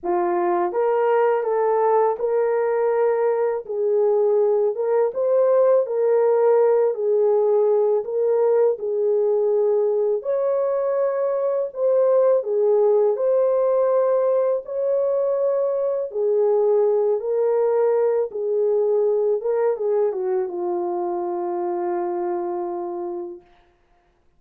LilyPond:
\new Staff \with { instrumentName = "horn" } { \time 4/4 \tempo 4 = 82 f'4 ais'4 a'4 ais'4~ | ais'4 gis'4. ais'8 c''4 | ais'4. gis'4. ais'4 | gis'2 cis''2 |
c''4 gis'4 c''2 | cis''2 gis'4. ais'8~ | ais'4 gis'4. ais'8 gis'8 fis'8 | f'1 | }